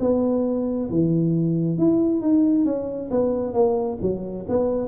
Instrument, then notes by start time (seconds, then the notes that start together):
tuba
0.00 B3
0.90 E3
1.78 E4
2.21 D#4
2.65 C#4
3.11 B3
3.53 A#3
4.01 F#3
4.49 B3